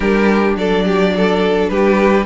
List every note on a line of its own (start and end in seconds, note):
0.00 0.55 G3
0.00 2.25 D4
0.00 0.57 G4
0.00 0.54 A#4
0.55 1.69 F#3
0.55 0.85 A4
0.55 1.68 D5
0.85 1.13 G4
1.16 1.70 A4
1.68 2.25 G3
1.68 2.25 G4
1.68 2.25 B4